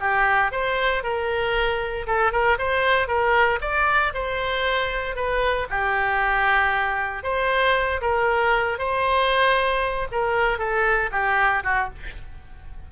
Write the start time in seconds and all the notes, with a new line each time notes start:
0.00 G4
0.51 C5
1.03 A#4
2.07 A4
2.32 A#4
2.59 C5
3.08 A#4
3.61 D5
4.14 C5
5.16 B4
5.70 G4
7.23 C5
8.01 A#4
8.78 C5
10.11 A#4
10.58 A4
11.12 G4
11.64 F#4